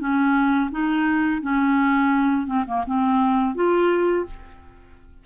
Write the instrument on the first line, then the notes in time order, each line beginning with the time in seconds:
clarinet
0.00 C#4
0.71 D#4
1.42 C#4
2.47 C4
2.67 A#3
2.87 C4
3.55 F4